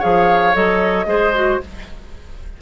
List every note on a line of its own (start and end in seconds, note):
0.00 0.56 F3
0.00 0.53 G#4
0.00 1.06 C#5
0.00 0.55 F5
0.54 1.06 F#3
0.54 1.07 A4
0.54 1.62 D#5
1.06 1.59 G#3
1.06 1.34 G#4
1.06 1.62 C5
1.34 1.61 F#4